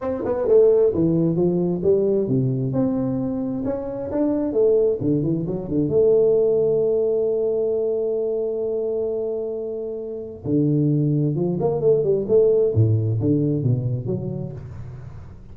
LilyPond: \new Staff \with { instrumentName = "tuba" } { \time 4/4 \tempo 4 = 132 c'8 b8 a4 e4 f4 | g4 c4 c'2 | cis'4 d'4 a4 d8 e8 | fis8 d8 a2.~ |
a1~ | a2. d4~ | d4 f8 ais8 a8 g8 a4 | a,4 d4 b,4 fis4 | }